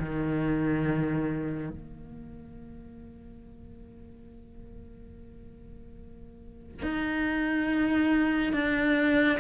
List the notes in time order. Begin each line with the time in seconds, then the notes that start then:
0.00 D#3
1.71 A#3
6.83 D#4
8.54 D4